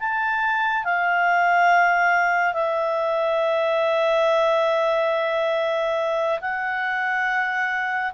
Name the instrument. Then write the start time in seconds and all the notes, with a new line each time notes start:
clarinet
0.00 A5
0.85 F5
2.54 E5
6.41 F#5